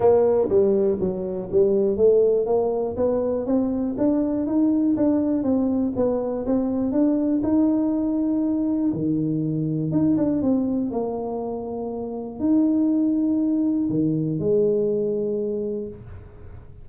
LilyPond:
\new Staff \with { instrumentName = "tuba" } { \time 4/4 \tempo 4 = 121 ais4 g4 fis4 g4 | a4 ais4 b4 c'4 | d'4 dis'4 d'4 c'4 | b4 c'4 d'4 dis'4~ |
dis'2 dis2 | dis'8 d'8 c'4 ais2~ | ais4 dis'2. | dis4 gis2. | }